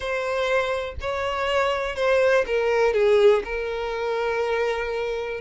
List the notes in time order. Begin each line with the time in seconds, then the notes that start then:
0.00 C5
1.00 C#5
1.95 C5
2.46 A#4
2.93 G#4
3.44 A#4